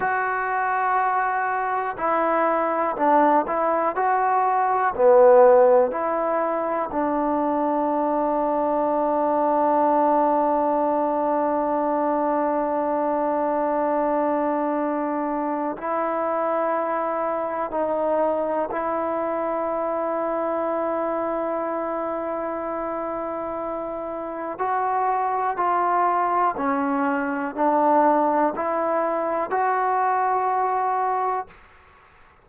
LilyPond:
\new Staff \with { instrumentName = "trombone" } { \time 4/4 \tempo 4 = 61 fis'2 e'4 d'8 e'8 | fis'4 b4 e'4 d'4~ | d'1~ | d'1 |
e'2 dis'4 e'4~ | e'1~ | e'4 fis'4 f'4 cis'4 | d'4 e'4 fis'2 | }